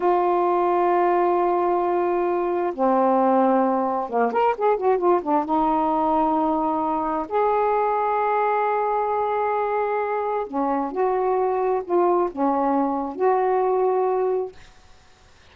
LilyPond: \new Staff \with { instrumentName = "saxophone" } { \time 4/4 \tempo 4 = 132 f'1~ | f'2 c'2~ | c'4 ais8 ais'8 gis'8 fis'8 f'8 d'8 | dis'1 |
gis'1~ | gis'2. cis'4 | fis'2 f'4 cis'4~ | cis'4 fis'2. | }